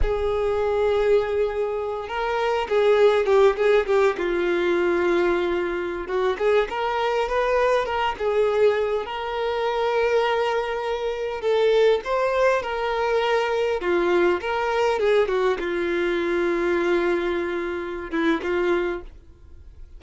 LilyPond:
\new Staff \with { instrumentName = "violin" } { \time 4/4 \tempo 4 = 101 gis'2.~ gis'8 ais'8~ | ais'8 gis'4 g'8 gis'8 g'8 f'4~ | f'2~ f'16 fis'8 gis'8 ais'8.~ | ais'16 b'4 ais'8 gis'4. ais'8.~ |
ais'2.~ ais'16 a'8.~ | a'16 c''4 ais'2 f'8.~ | f'16 ais'4 gis'8 fis'8 f'4.~ f'16~ | f'2~ f'8 e'8 f'4 | }